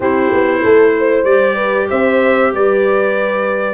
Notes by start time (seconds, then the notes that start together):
0.00 C4 E4 G4 C5
0.33 B3
0.63 A3 A4
0.98 C5
1.24 G3 G4 D5
1.55 B4
1.89 C4 C5 E5
2.52 G3 B4 D5